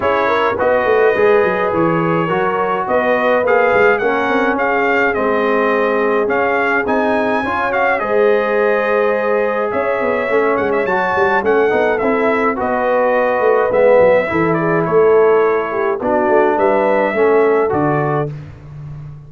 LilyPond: <<
  \new Staff \with { instrumentName = "trumpet" } { \time 4/4 \tempo 4 = 105 cis''4 dis''2 cis''4~ | cis''4 dis''4 f''4 fis''4 | f''4 dis''2 f''4 | gis''4. f''8 dis''2~ |
dis''4 e''4. fis''16 e''16 a''4 | fis''4 e''4 dis''2 | e''4. d''8 cis''2 | d''4 e''2 d''4 | }
  \new Staff \with { instrumentName = "horn" } { \time 4/4 gis'8 ais'8 b'2. | ais'4 b'2 ais'4 | gis'1~ | gis'4 cis''4 c''2~ |
c''4 cis''2. | a'2 b'2~ | b'4 a'8 gis'8 a'4. g'8 | fis'4 b'4 a'2 | }
  \new Staff \with { instrumentName = "trombone" } { \time 4/4 e'4 fis'4 gis'2 | fis'2 gis'4 cis'4~ | cis'4 c'2 cis'4 | dis'4 f'8 fis'8 gis'2~ |
gis'2 cis'4 fis'4 | cis'8 dis'8 e'4 fis'2 | b4 e'2. | d'2 cis'4 fis'4 | }
  \new Staff \with { instrumentName = "tuba" } { \time 4/4 cis'4 b8 a8 gis8 fis8 e4 | fis4 b4 ais8 gis8 ais8 c'8 | cis'4 gis2 cis'4 | c'4 cis'4 gis2~ |
gis4 cis'8 b8 a8 gis8 fis8 g8 | a8 b8 c'4 b4. a8 | gis8 fis8 e4 a2 | b8 a8 g4 a4 d4 | }
>>